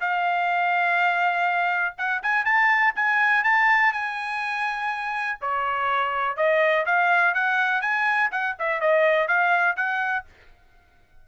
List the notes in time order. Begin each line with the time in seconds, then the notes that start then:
0.00 F5
1.98 F#5
2.23 G#5
2.45 A5
2.96 G#5
3.44 A5
3.93 G#5
5.41 C#5
6.37 D#5
6.86 F5
7.34 F#5
7.81 G#5
8.31 F#5
8.59 E5
8.80 D#5
9.28 F5
9.76 F#5